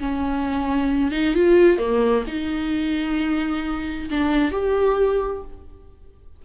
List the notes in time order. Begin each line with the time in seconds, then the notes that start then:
0.00 C#4
1.12 D#4
1.35 F4
1.79 A#3
2.27 D#4
4.11 D4
4.52 G4